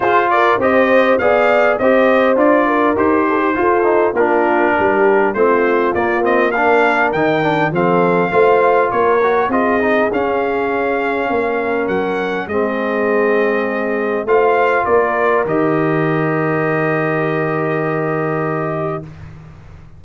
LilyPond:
<<
  \new Staff \with { instrumentName = "trumpet" } { \time 4/4 \tempo 4 = 101 c''8 d''8 dis''4 f''4 dis''4 | d''4 c''2 ais'4~ | ais'4 c''4 d''8 dis''8 f''4 | g''4 f''2 cis''4 |
dis''4 f''2. | fis''4 dis''2. | f''4 d''4 dis''2~ | dis''1 | }
  \new Staff \with { instrumentName = "horn" } { \time 4/4 gis'8 ais'8 c''4 d''4 c''4~ | c''8 ais'4 a'16 g'16 a'4 f'4 | g'4 f'2 ais'4~ | ais'4 a'4 c''4 ais'4 |
gis'2. ais'4~ | ais'4 gis'2. | c''4 ais'2.~ | ais'1 | }
  \new Staff \with { instrumentName = "trombone" } { \time 4/4 f'4 g'4 gis'4 g'4 | f'4 g'4 f'8 dis'8 d'4~ | d'4 c'4 ais8 c'8 d'4 | dis'8 d'8 c'4 f'4. fis'8 |
f'8 dis'8 cis'2.~ | cis'4 c'2. | f'2 g'2~ | g'1 | }
  \new Staff \with { instrumentName = "tuba" } { \time 4/4 f'4 c'4 b4 c'4 | d'4 dis'4 f'4 ais4 | g4 a4 ais2 | dis4 f4 a4 ais4 |
c'4 cis'2 ais4 | fis4 gis2. | a4 ais4 dis2~ | dis1 | }
>>